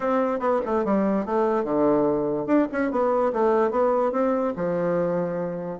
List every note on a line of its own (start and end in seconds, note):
0.00 0.39 C4
0.39 0.60 B3
0.65 0.85 A3
0.85 1.25 G3
1.25 1.63 A3
1.63 2.46 D3
2.46 2.67 D4
2.72 2.91 C#4
2.91 3.32 B3
3.33 3.71 A3
3.71 4.12 B3
4.12 4.53 C4
4.56 5.79 F3